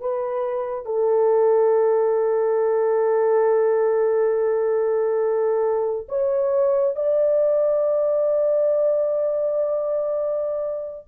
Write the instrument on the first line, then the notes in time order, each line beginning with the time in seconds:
horn
0.00 B4
0.85 A4
6.08 C#5
6.96 D5